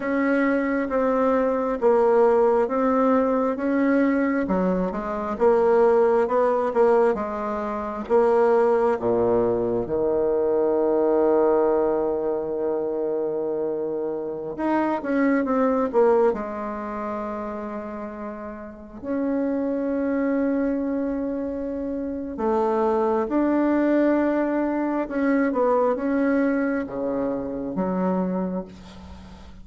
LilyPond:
\new Staff \with { instrumentName = "bassoon" } { \time 4/4 \tempo 4 = 67 cis'4 c'4 ais4 c'4 | cis'4 fis8 gis8 ais4 b8 ais8 | gis4 ais4 ais,4 dis4~ | dis1~ |
dis16 dis'8 cis'8 c'8 ais8 gis4.~ gis16~ | gis4~ gis16 cis'2~ cis'8.~ | cis'4 a4 d'2 | cis'8 b8 cis'4 cis4 fis4 | }